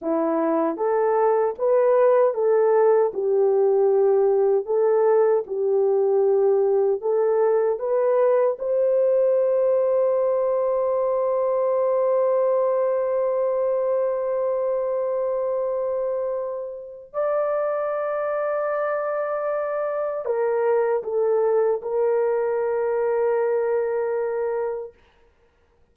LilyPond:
\new Staff \with { instrumentName = "horn" } { \time 4/4 \tempo 4 = 77 e'4 a'4 b'4 a'4 | g'2 a'4 g'4~ | g'4 a'4 b'4 c''4~ | c''1~ |
c''1~ | c''2 d''2~ | d''2 ais'4 a'4 | ais'1 | }